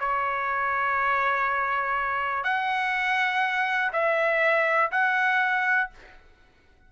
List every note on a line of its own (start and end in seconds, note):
0.00 2.44 C#5
2.44 3.91 F#5
3.93 4.91 E5
4.91 5.90 F#5